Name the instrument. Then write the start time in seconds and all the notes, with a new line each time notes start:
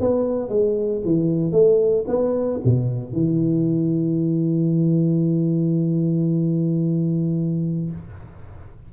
tuba
0.00 B3
0.49 G#3
1.04 E3
1.52 A3
2.07 B3
2.64 B2
3.12 E3